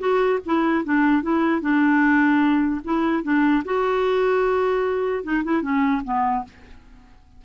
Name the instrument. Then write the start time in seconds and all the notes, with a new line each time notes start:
clarinet
0.00 F#4
0.46 E4
0.85 D4
1.23 E4
1.62 D4
2.85 E4
3.24 D4
3.65 F#4
5.24 D#4
5.44 E4
5.63 C#4
6.05 B3